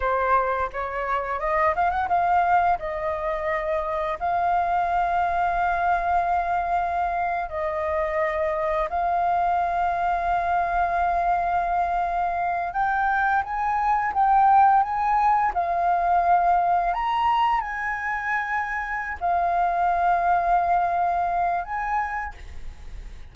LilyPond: \new Staff \with { instrumentName = "flute" } { \time 4/4 \tempo 4 = 86 c''4 cis''4 dis''8 f''16 fis''16 f''4 | dis''2 f''2~ | f''2~ f''8. dis''4~ dis''16~ | dis''8. f''2.~ f''16~ |
f''2~ f''16 g''4 gis''8.~ | gis''16 g''4 gis''4 f''4.~ f''16~ | f''16 ais''4 gis''2~ gis''16 f''8~ | f''2. gis''4 | }